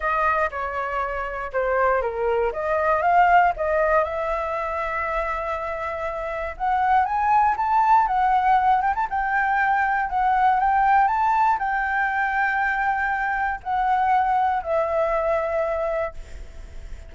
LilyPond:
\new Staff \with { instrumentName = "flute" } { \time 4/4 \tempo 4 = 119 dis''4 cis''2 c''4 | ais'4 dis''4 f''4 dis''4 | e''1~ | e''4 fis''4 gis''4 a''4 |
fis''4. g''16 a''16 g''2 | fis''4 g''4 a''4 g''4~ | g''2. fis''4~ | fis''4 e''2. | }